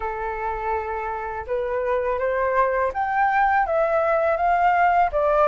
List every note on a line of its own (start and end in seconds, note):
0.00 1.46 A4
1.46 2.18 B4
2.18 2.91 C5
2.93 3.66 G5
3.66 4.36 E5
4.36 5.10 F5
5.12 5.47 D5